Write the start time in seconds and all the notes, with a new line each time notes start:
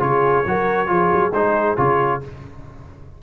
0.00 C#3 F4 G#4 C#5
0.46 F#3 F#4 A#4
0.87 F3 F4 G#4
1.13 F#3
1.32 G#3 D#4 C5
1.77 C#3 F4 C#5